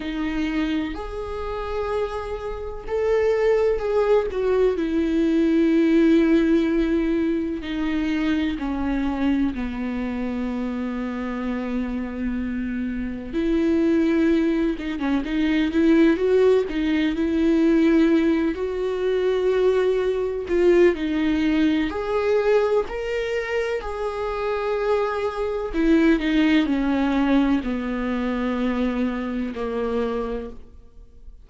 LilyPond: \new Staff \with { instrumentName = "viola" } { \time 4/4 \tempo 4 = 63 dis'4 gis'2 a'4 | gis'8 fis'8 e'2. | dis'4 cis'4 b2~ | b2 e'4. dis'16 cis'16 |
dis'8 e'8 fis'8 dis'8 e'4. fis'8~ | fis'4. f'8 dis'4 gis'4 | ais'4 gis'2 e'8 dis'8 | cis'4 b2 ais4 | }